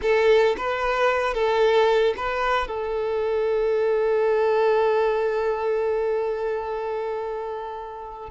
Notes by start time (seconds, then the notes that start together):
0.01 A4
0.57 B4
1.33 A4
2.16 B4
2.67 A4